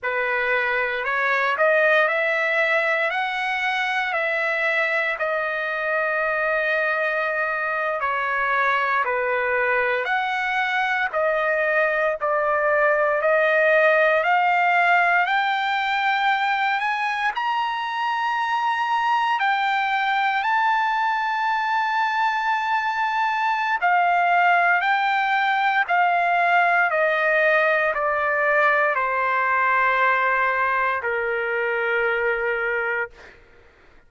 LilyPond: \new Staff \with { instrumentName = "trumpet" } { \time 4/4 \tempo 4 = 58 b'4 cis''8 dis''8 e''4 fis''4 | e''4 dis''2~ dis''8. cis''16~ | cis''8. b'4 fis''4 dis''4 d''16~ | d''8. dis''4 f''4 g''4~ g''16~ |
g''16 gis''8 ais''2 g''4 a''16~ | a''2. f''4 | g''4 f''4 dis''4 d''4 | c''2 ais'2 | }